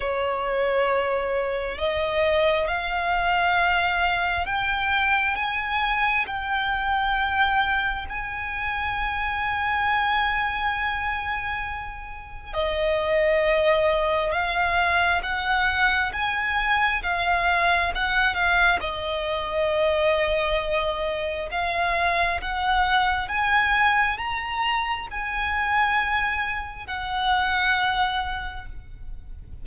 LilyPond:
\new Staff \with { instrumentName = "violin" } { \time 4/4 \tempo 4 = 67 cis''2 dis''4 f''4~ | f''4 g''4 gis''4 g''4~ | g''4 gis''2.~ | gis''2 dis''2 |
f''4 fis''4 gis''4 f''4 | fis''8 f''8 dis''2. | f''4 fis''4 gis''4 ais''4 | gis''2 fis''2 | }